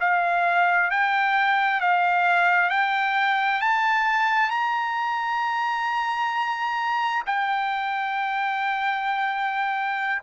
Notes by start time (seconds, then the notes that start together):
0.00 F5
0.90 G5
1.80 F5
2.69 G5
3.61 A5
4.50 A#5
7.26 G5